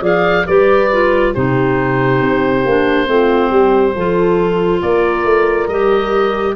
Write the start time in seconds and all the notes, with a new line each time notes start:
0.00 F3 G#4 D5 F5
0.46 G3 G4 B4 D5
0.91 F4
1.34 C3 D#4 G4 C5
2.21 C4
2.65 A#3 D4
3.06 A3 C4 F4
3.51 G3 G4
3.94 F3 F4 A4
4.81 A#3 A#4 D5
5.24 A3
5.68 G3 G4 D#5